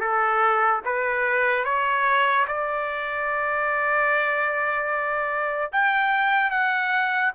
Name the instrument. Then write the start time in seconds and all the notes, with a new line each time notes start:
trumpet
0.00 A4
0.85 B4
1.65 C#5
2.47 D5
5.72 G5
6.50 F#5